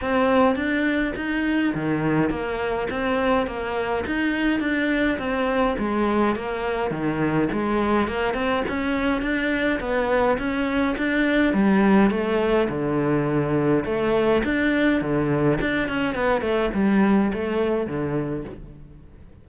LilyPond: \new Staff \with { instrumentName = "cello" } { \time 4/4 \tempo 4 = 104 c'4 d'4 dis'4 dis4 | ais4 c'4 ais4 dis'4 | d'4 c'4 gis4 ais4 | dis4 gis4 ais8 c'8 cis'4 |
d'4 b4 cis'4 d'4 | g4 a4 d2 | a4 d'4 d4 d'8 cis'8 | b8 a8 g4 a4 d4 | }